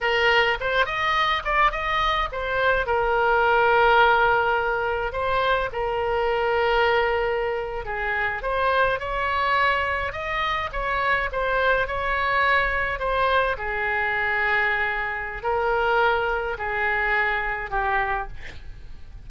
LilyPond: \new Staff \with { instrumentName = "oboe" } { \time 4/4 \tempo 4 = 105 ais'4 c''8 dis''4 d''8 dis''4 | c''4 ais'2.~ | ais'4 c''4 ais'2~ | ais'4.~ ais'16 gis'4 c''4 cis''16~ |
cis''4.~ cis''16 dis''4 cis''4 c''16~ | c''8. cis''2 c''4 gis'16~ | gis'2. ais'4~ | ais'4 gis'2 g'4 | }